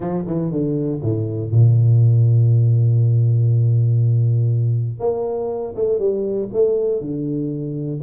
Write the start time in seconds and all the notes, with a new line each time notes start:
0.00 F3
0.26 E3
0.51 D3
1.02 A2
1.51 A#2
4.99 A#3
5.75 A3
5.99 G3
6.52 A3
7.00 D3